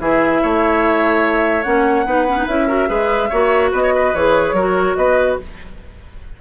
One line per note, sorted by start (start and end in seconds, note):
0.00 0.41 E3
0.00 1.64 E4
0.00 0.42 G#4
0.00 1.63 E5
0.42 1.66 A3
0.42 2.06 C#5
1.63 2.06 A#3
1.63 2.05 C#4
1.63 2.46 F#5
2.06 2.47 B3
2.06 2.27 D#4
2.06 2.68 B4
2.28 2.38 C#4
2.38 2.48 D#4
2.47 2.89 C#4
2.47 2.68 E4
2.47 3.71 E5
2.68 2.88 F#4
2.68 2.88 A#4
2.88 3.30 G#3
2.88 3.29 G#4
2.88 3.29 B4
3.29 3.72 A#3
3.29 4.15 F#4
3.29 3.71 C#5
3.72 4.14 B3
3.72 3.82 B4
3.72 4.15 D#5
3.83 3.93 C#5
3.95 4.55 B4
4.14 4.53 E3
4.14 4.57 G#4
4.14 4.96 C#5
4.53 4.94 F#3
4.53 5.41 F#4
4.53 4.97 A#4
4.96 5.38 B3
4.96 5.40 B4
4.96 5.37 D#5